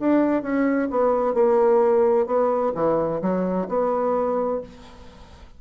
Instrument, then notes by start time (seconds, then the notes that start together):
bassoon
0.00 D4
0.43 C#4
0.91 B3
1.34 A#3
2.27 B3
2.75 E3
3.22 F#3
3.69 B3